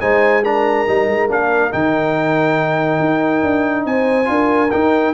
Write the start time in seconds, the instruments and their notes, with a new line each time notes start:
0.00 tuba G#3, trombone D#4, horn C5, trumpet G#5
0.44 trombone D4, horn A#4, trumpet A#5
0.86 tuba G3, trombone D#4
1.07 tuba G#3
1.28 tuba A#3, trombone D4, trumpet F5
1.71 tuba D#3, trombone D#4, trumpet G5
2.99 tuba D#4
3.43 tuba D4
3.85 tuba C4, horn C5, trumpet G#5
4.25 tuba D4, trombone F4, horn A#4
4.71 trombone D#4, tuba D#4, trumpet G5